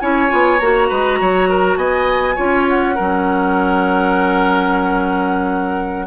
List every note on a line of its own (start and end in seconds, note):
0.00 0.32 C#4
0.00 0.29 E4
0.00 0.89 C#5
0.00 0.59 G#5
0.29 0.61 B3
0.29 0.59 F4
0.59 0.91 A#3
0.59 2.37 F#4
0.59 1.77 A#5
0.89 1.21 G#3
0.89 1.19 B4
1.21 1.77 F#3
1.21 1.49 C#5
1.49 1.78 A#4
1.77 2.36 B3
1.77 2.36 D#5
1.77 2.66 G#5
2.36 2.99 C#4
2.36 2.96 F4
2.36 2.95 C#5
2.69 6.07 F#5
2.95 6.07 F#3
2.95 6.07 C#4
2.95 6.07 A#4